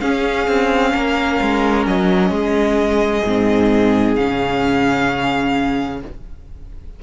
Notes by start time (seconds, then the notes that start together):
0.00 C#4 G#4 F5
0.47 C4
0.92 A#3 A#4
1.41 G#3
1.86 F#3 D#5
2.30 G#3 G#4
3.24 G#2 C4
4.15 C#3 C#4 F5